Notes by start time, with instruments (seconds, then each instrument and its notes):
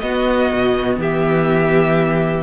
0.00 cello B3, viola B3, violin F#4 D#5
0.53 cello B2
0.97 cello E3, violin G4 E5